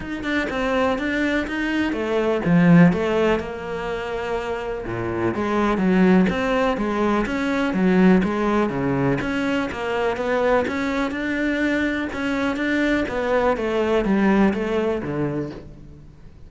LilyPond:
\new Staff \with { instrumentName = "cello" } { \time 4/4 \tempo 4 = 124 dis'8 d'8 c'4 d'4 dis'4 | a4 f4 a4 ais4~ | ais2 ais,4 gis4 | fis4 c'4 gis4 cis'4 |
fis4 gis4 cis4 cis'4 | ais4 b4 cis'4 d'4~ | d'4 cis'4 d'4 b4 | a4 g4 a4 d4 | }